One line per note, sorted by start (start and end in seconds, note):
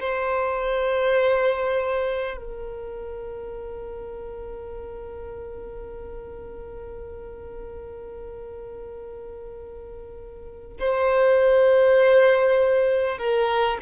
0.00 2.37 C5
2.37 10.77 A#4
10.79 13.17 C5
13.17 13.77 A#4